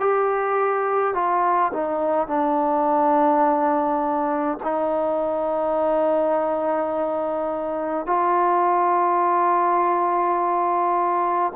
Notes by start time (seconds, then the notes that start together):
0.00 G4
1.14 F4
1.73 D#4
2.27 D4
4.63 D#4
8.06 F4